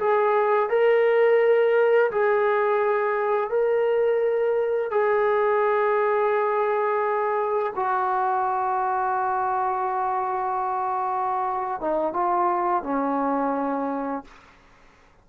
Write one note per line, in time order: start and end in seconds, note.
0.00 0.70 G#4
0.70 2.11 A#4
2.11 3.50 G#4
3.50 4.91 A#4
4.91 7.73 G#4
7.76 11.81 F#4
11.81 12.13 D#4
12.13 12.83 F4
12.83 14.25 C#4